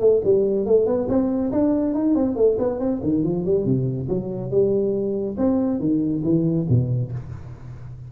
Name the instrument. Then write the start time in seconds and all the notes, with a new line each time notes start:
tuba
0.00 A3
0.24 G3
0.66 A3
0.86 B3
1.09 C4
1.52 D4
1.94 D#4
2.15 C4
2.36 A3
2.59 B3
2.79 C4
3.03 D#3
3.23 F3
3.45 G3
3.65 C3
4.09 F#3
4.50 G3
5.37 C4
5.80 D#3
6.23 E3
6.69 B2